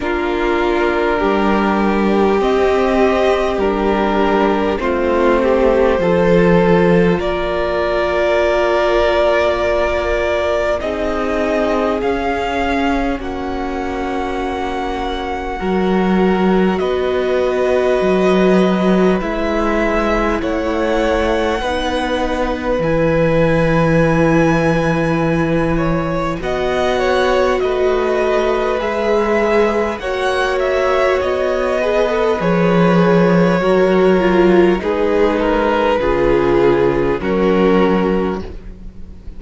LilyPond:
<<
  \new Staff \with { instrumentName = "violin" } { \time 4/4 \tempo 4 = 50 ais'2 dis''4 ais'4 | c''2 d''2~ | d''4 dis''4 f''4 fis''4~ | fis''2 dis''2 |
e''4 fis''2 gis''4~ | gis''2 fis''4 dis''4 | e''4 fis''8 e''8 dis''4 cis''4~ | cis''4 b'2 ais'4 | }
  \new Staff \with { instrumentName = "violin" } { \time 4/4 f'4 g'2. | f'8 g'8 a'4 ais'2~ | ais'4 gis'2 fis'4~ | fis'4 ais'4 b'2~ |
b'4 cis''4 b'2~ | b'4. cis''8 dis''8 cis''8 b'4~ | b'4 cis''4. b'4. | ais'4 gis'8 ais'8 gis'4 fis'4 | }
  \new Staff \with { instrumentName = "viola" } { \time 4/4 d'2 c'4 d'4 | c'4 f'2.~ | f'4 dis'4 cis'2~ | cis'4 fis'2. |
e'2 dis'4 e'4~ | e'2 fis'2 | gis'4 fis'4. gis'16 a'16 gis'4 | fis'8 f'8 dis'4 f'4 cis'4 | }
  \new Staff \with { instrumentName = "cello" } { \time 4/4 ais4 g4 c'4 g4 | a4 f4 ais2~ | ais4 c'4 cis'4 ais4~ | ais4 fis4 b4 fis4 |
gis4 a4 b4 e4~ | e2 b4 a4 | gis4 ais4 b4 f4 | fis4 gis4 cis4 fis4 | }
>>